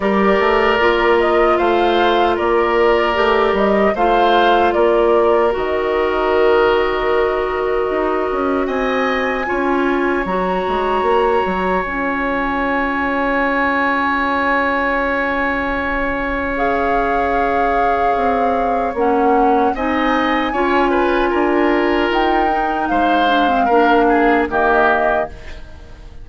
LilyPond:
<<
  \new Staff \with { instrumentName = "flute" } { \time 4/4 \tempo 4 = 76 d''4. dis''8 f''4 d''4~ | d''8 dis''8 f''4 d''4 dis''4~ | dis''2. gis''4~ | gis''4 ais''2 gis''4~ |
gis''1~ | gis''4 f''2. | fis''4 gis''2. | g''4 f''2 dis''4 | }
  \new Staff \with { instrumentName = "oboe" } { \time 4/4 ais'2 c''4 ais'4~ | ais'4 c''4 ais'2~ | ais'2. dis''4 | cis''1~ |
cis''1~ | cis''1~ | cis''4 dis''4 cis''8 b'8 ais'4~ | ais'4 c''4 ais'8 gis'8 g'4 | }
  \new Staff \with { instrumentName = "clarinet" } { \time 4/4 g'4 f'2. | g'4 f'2 fis'4~ | fis'1 | f'4 fis'2 f'4~ |
f'1~ | f'4 gis'2. | cis'4 dis'4 f'2~ | f'8 dis'4 d'16 c'16 d'4 ais4 | }
  \new Staff \with { instrumentName = "bassoon" } { \time 4/4 g8 a8 ais4 a4 ais4 | a8 g8 a4 ais4 dis4~ | dis2 dis'8 cis'8 c'4 | cis'4 fis8 gis8 ais8 fis8 cis'4~ |
cis'1~ | cis'2. c'4 | ais4 c'4 cis'4 d'4 | dis'4 gis4 ais4 dis4 | }
>>